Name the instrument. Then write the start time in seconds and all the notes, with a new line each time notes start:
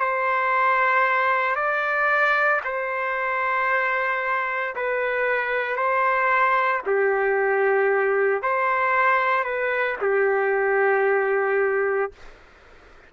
trumpet
0.00 C5
1.56 D5
2.65 C5
4.76 B4
5.77 C5
6.87 G4
8.43 C5
9.44 B4
10.01 G4